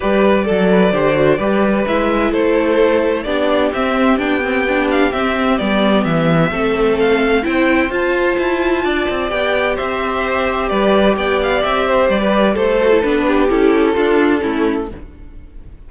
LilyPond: <<
  \new Staff \with { instrumentName = "violin" } { \time 4/4 \tempo 4 = 129 d''1 | e''4 c''2 d''4 | e''4 g''4. f''8 e''4 | d''4 e''2 f''4 |
g''4 a''2. | g''4 e''2 d''4 | g''8 f''8 e''4 d''4 c''4 | b'4 a'2. | }
  \new Staff \with { instrumentName = "violin" } { \time 4/4 b'4 a'8 b'8 c''4 b'4~ | b'4 a'2 g'4~ | g'1~ | g'2 a'2 |
c''2. d''4~ | d''4 c''2 b'4 | d''4. c''8. b'8. a'4~ | a'8 g'4. f'4 e'4 | }
  \new Staff \with { instrumentName = "viola" } { \time 4/4 g'4 a'4 g'8 fis'8 g'4 | e'2. d'4 | c'4 d'8 c'8 d'4 c'4 | b2 c'2 |
e'4 f'2. | g'1~ | g'2.~ g'8 fis'16 e'16 | d'4 e'4 d'4 cis'4 | }
  \new Staff \with { instrumentName = "cello" } { \time 4/4 g4 fis4 d4 g4 | gis4 a2 b4 | c'4 b2 c'4 | g4 e4 a2 |
c'4 f'4 e'4 d'8 c'8 | b4 c'2 g4 | b4 c'4 g4 a4 | b4 cis'4 d'4 a4 | }
>>